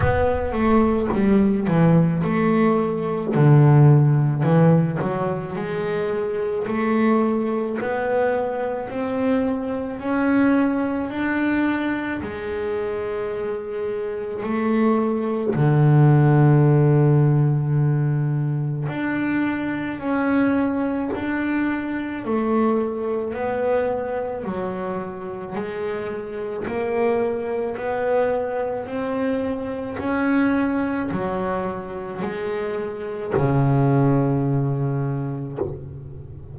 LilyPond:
\new Staff \with { instrumentName = "double bass" } { \time 4/4 \tempo 4 = 54 b8 a8 g8 e8 a4 d4 | e8 fis8 gis4 a4 b4 | c'4 cis'4 d'4 gis4~ | gis4 a4 d2~ |
d4 d'4 cis'4 d'4 | a4 b4 fis4 gis4 | ais4 b4 c'4 cis'4 | fis4 gis4 cis2 | }